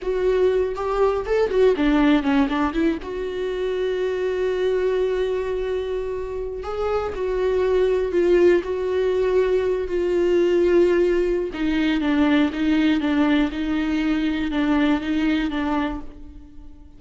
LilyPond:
\new Staff \with { instrumentName = "viola" } { \time 4/4 \tempo 4 = 120 fis'4. g'4 a'8 fis'8 d'8~ | d'8 cis'8 d'8 e'8 fis'2~ | fis'1~ | fis'4~ fis'16 gis'4 fis'4.~ fis'16~ |
fis'16 f'4 fis'2~ fis'8 f'16~ | f'2. dis'4 | d'4 dis'4 d'4 dis'4~ | dis'4 d'4 dis'4 d'4 | }